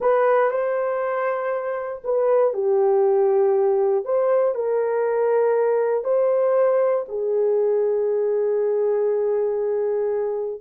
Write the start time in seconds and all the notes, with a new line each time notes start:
0.00 B4
0.50 C5
2.04 B4
2.53 G4
4.04 C5
4.54 A#4
6.04 C5
7.08 G#4